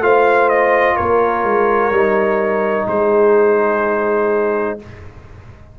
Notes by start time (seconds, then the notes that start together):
0.00 A3 F4 C5 F5
0.49 D#5
0.96 A#3 A#4 C#5
1.43 G#3
1.91 G3 D#4
2.87 G#3 G#4 C5